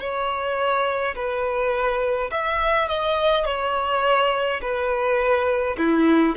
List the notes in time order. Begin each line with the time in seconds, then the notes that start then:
0.00 C#5
1.15 B4
2.31 E5
2.88 D#5
3.46 C#5
4.62 B4
5.78 E4